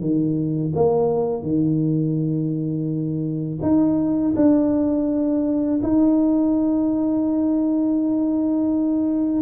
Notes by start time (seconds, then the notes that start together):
0.00 D#3
0.75 A#3
1.42 D#3
3.62 D#4
4.36 D4
5.83 D#4